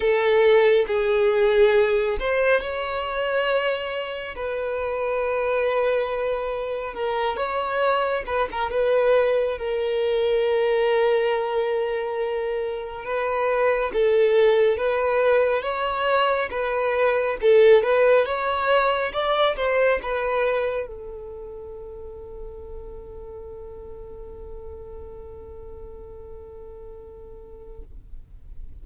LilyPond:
\new Staff \with { instrumentName = "violin" } { \time 4/4 \tempo 4 = 69 a'4 gis'4. c''8 cis''4~ | cis''4 b'2. | ais'8 cis''4 b'16 ais'16 b'4 ais'4~ | ais'2. b'4 |
a'4 b'4 cis''4 b'4 | a'8 b'8 cis''4 d''8 c''8 b'4 | a'1~ | a'1 | }